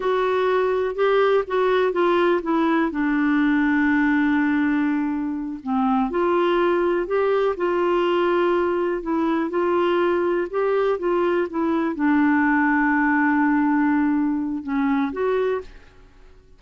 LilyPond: \new Staff \with { instrumentName = "clarinet" } { \time 4/4 \tempo 4 = 123 fis'2 g'4 fis'4 | f'4 e'4 d'2~ | d'2.~ d'8 c'8~ | c'8 f'2 g'4 f'8~ |
f'2~ f'8 e'4 f'8~ | f'4. g'4 f'4 e'8~ | e'8 d'2.~ d'8~ | d'2 cis'4 fis'4 | }